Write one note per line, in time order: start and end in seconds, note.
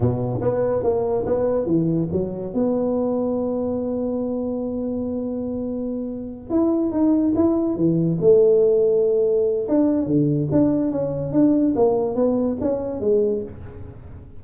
0.00 0.40 B2
0.41 0.83 B3
0.83 1.25 A#3
1.25 1.66 B3
1.66 2.08 E3
2.12 2.53 F#3
2.53 6.49 B3
6.49 6.91 E4
6.91 7.33 D#4
7.35 7.76 E4
7.76 8.18 E3
8.20 9.67 A3
9.68 10.06 D4
10.06 10.48 D3
10.51 10.91 D4
10.91 11.32 C#4
11.32 11.74 D4
11.75 12.15 A#3
12.15 12.57 B3
12.60 13.00 C#4
13.00 13.42 G#3